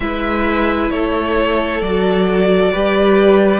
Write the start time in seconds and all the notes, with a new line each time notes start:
0.00 G#3 E4 B4 E5
0.90 A3 A4 C#5
1.81 F#3 F#4 D5
2.72 G3 G4 B4